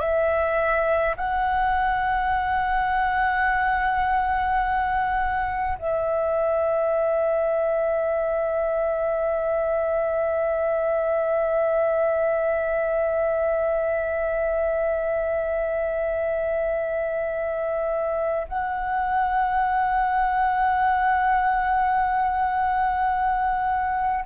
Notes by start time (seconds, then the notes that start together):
0.00 E5
1.17 F#5
5.79 E5
18.48 F#5